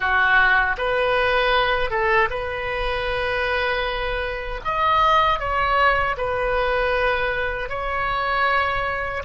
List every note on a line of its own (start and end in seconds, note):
0.00 0.76 F#4
0.77 1.90 B4
1.90 2.28 A4
2.30 4.60 B4
4.64 5.38 D#5
5.38 6.15 C#5
6.17 7.69 B4
7.69 9.23 C#5